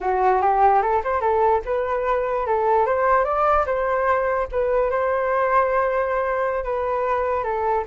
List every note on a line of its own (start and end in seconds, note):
0.01 0.41 F#4
0.41 0.82 G4
0.82 1.02 A4
1.04 1.21 C5
1.21 1.61 A4
1.65 2.46 B4
2.46 2.86 A4
2.86 3.24 C5
3.24 3.65 D5
3.66 4.47 C5
4.51 4.90 B4
4.90 6.63 C5
6.64 7.43 B4
7.43 7.84 A4